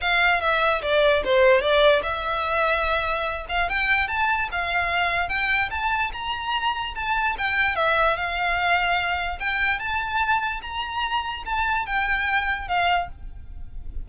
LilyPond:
\new Staff \with { instrumentName = "violin" } { \time 4/4 \tempo 4 = 147 f''4 e''4 d''4 c''4 | d''4 e''2.~ | e''8 f''8 g''4 a''4 f''4~ | f''4 g''4 a''4 ais''4~ |
ais''4 a''4 g''4 e''4 | f''2. g''4 | a''2 ais''2 | a''4 g''2 f''4 | }